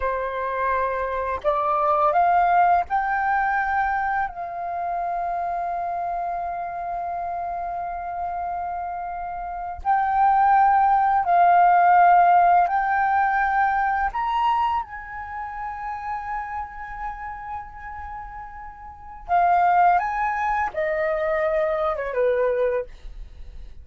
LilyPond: \new Staff \with { instrumentName = "flute" } { \time 4/4 \tempo 4 = 84 c''2 d''4 f''4 | g''2 f''2~ | f''1~ | f''4.~ f''16 g''2 f''16~ |
f''4.~ f''16 g''2 ais''16~ | ais''8. gis''2.~ gis''16~ | gis''2. f''4 | gis''4 dis''4.~ dis''16 cis''16 b'4 | }